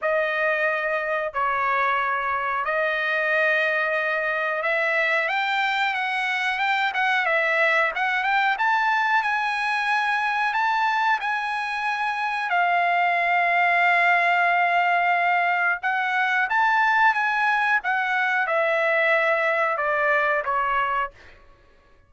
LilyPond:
\new Staff \with { instrumentName = "trumpet" } { \time 4/4 \tempo 4 = 91 dis''2 cis''2 | dis''2. e''4 | g''4 fis''4 g''8 fis''8 e''4 | fis''8 g''8 a''4 gis''2 |
a''4 gis''2 f''4~ | f''1 | fis''4 a''4 gis''4 fis''4 | e''2 d''4 cis''4 | }